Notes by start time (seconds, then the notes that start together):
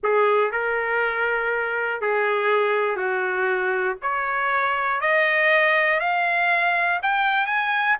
0.02 G#4
0.51 A#4
2.01 G#4
2.96 F#4
4.01 C#5
5.00 D#5
6.00 F5
7.02 G5
7.46 G#5